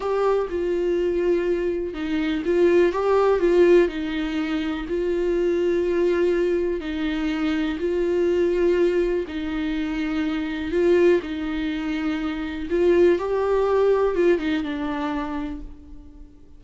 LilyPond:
\new Staff \with { instrumentName = "viola" } { \time 4/4 \tempo 4 = 123 g'4 f'2. | dis'4 f'4 g'4 f'4 | dis'2 f'2~ | f'2 dis'2 |
f'2. dis'4~ | dis'2 f'4 dis'4~ | dis'2 f'4 g'4~ | g'4 f'8 dis'8 d'2 | }